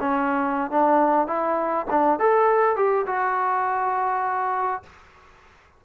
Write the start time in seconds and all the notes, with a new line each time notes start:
0.00 C#4
0.71 D4
1.28 E4
1.90 D4
2.20 A4
2.76 G4
3.07 F#4